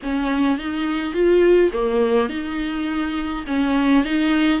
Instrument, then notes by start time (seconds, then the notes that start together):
viola
0.02 C#4
0.58 D#4
1.13 F4
1.73 A#3
2.29 D#4
3.46 C#4
4.04 D#4